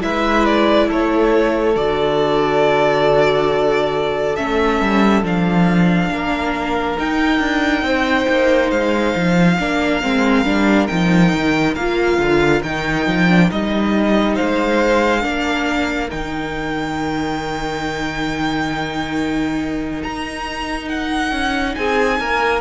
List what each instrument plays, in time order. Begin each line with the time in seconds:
0.00 cello G#3, viola E4, violin B4 E5
0.45 violin D5
0.87 cello A3, violin A4 C#5
1.75 cello D3, viola F#4, violin D5
4.35 cello A3, viola C#4, violin E5
4.80 cello G3
5.22 cello F3, viola D4, violin F5
6.10 cello A#3, violin A#4
6.97 viola D#4, cello D#4, violin G5
7.39 cello D4
7.82 cello C4, violin C5
8.28 cello A#3
8.70 cello G#3, violin F5
9.15 cello F3
9.59 cello A#3, viola D4, violin A#4
10.02 cello G#3, viola C4
10.44 cello G3, viola D4
10.87 cello F3, viola D#4, violin G5
11.33 cello D#3
11.75 cello A#3, viola F4, violin F5
12.18 cello D3
12.63 cello D#3, viola D#4, violin G5
13.07 cello F3
13.29 viola D4
13.50 cello G3, viola D#4, violin D#5
14.34 cello G#3, violin C5 F5
15.21 cello A#3, viola D4, violin A#4
16.10 cello D#3, viola D#4, violin G5
20.03 cello D#4, violin A#5
20.88 violin F#5
21.31 cello C#4
21.75 cello C4, violin G#4 G#5
22.19 cello A#3, violin A#4